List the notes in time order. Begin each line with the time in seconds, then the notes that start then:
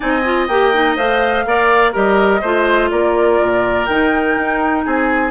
0.00 C4 D#4 D#5 G#5
0.24 F4
0.47 A#3 G4 G5
0.73 D#4
0.96 A3 C5 F5
1.45 A#3 A#4 D5
1.92 G3 G4 A#4 D#5
2.41 A3 F4 C5
2.90 A#3 A#4 D5
3.41 A#2
3.86 D#3 D#4 G5
4.36 D#4
4.85 C4 G#4 G#5